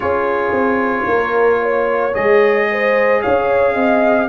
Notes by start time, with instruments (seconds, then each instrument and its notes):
0.00 tuba C#4, trombone F4, horn G#4, trumpet C#5
0.51 tuba C4
1.07 tuba A#3, horn A#4
1.62 horn C#5
2.14 tuba G#3, trombone G#4, trumpet D#5
2.71 horn C5
3.21 tuba C#4, horn C#5, trumpet F5
3.73 tuba C4, horn D#5